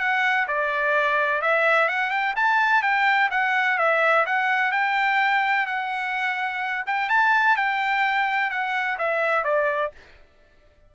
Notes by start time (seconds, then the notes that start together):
0.00 F#5
0.48 D5
1.42 E5
1.89 F#5
2.11 G5
2.36 A5
2.83 G5
3.31 F#5
3.78 E5
4.26 F#5
4.72 G5
5.66 F#5
6.87 G5
7.09 A5
7.57 G5
8.51 F#5
8.98 E5
9.44 D5